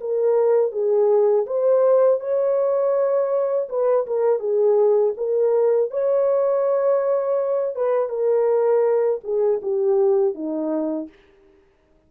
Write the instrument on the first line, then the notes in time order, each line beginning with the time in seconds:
horn
0.00 A#4
0.71 G#4
1.46 C5
2.20 C#5
3.69 B4
4.06 A#4
4.39 G#4
5.17 A#4
5.90 C#5
7.75 B4
8.09 A#4
9.23 G#4
9.62 G4
10.34 D#4